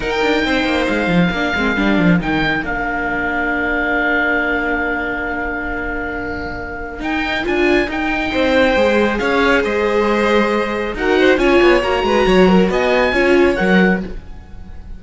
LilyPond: <<
  \new Staff \with { instrumentName = "oboe" } { \time 4/4 \tempo 4 = 137 g''2 f''2~ | f''4 g''4 f''2~ | f''1~ | f''1 |
g''4 gis''4 g''2~ | g''4 f''4 dis''2~ | dis''4 fis''4 gis''4 ais''4~ | ais''4 gis''2 fis''4 | }
  \new Staff \with { instrumentName = "violin" } { \time 4/4 ais'4 c''2 ais'4~ | ais'1~ | ais'1~ | ais'1~ |
ais'2. c''4~ | c''4 cis''4 c''2~ | c''4 ais'8 c''8 cis''4. b'8 | cis''8 ais'8 dis''4 cis''2 | }
  \new Staff \with { instrumentName = "viola" } { \time 4/4 dis'2. d'8 c'8 | d'4 dis'4 d'2~ | d'1~ | d'1 |
dis'4 f'4 dis'2 | gis'1~ | gis'4 fis'4 f'4 fis'4~ | fis'2 f'4 ais'4 | }
  \new Staff \with { instrumentName = "cello" } { \time 4/4 dis'8 d'8 c'8 ais8 gis8 f8 ais8 gis8 | g8 f8 dis4 ais2~ | ais1~ | ais1 |
dis'4 d'4 dis'4 c'4 | gis4 cis'4 gis2~ | gis4 dis'4 cis'8 b8 ais8 gis8 | fis4 b4 cis'4 fis4 | }
>>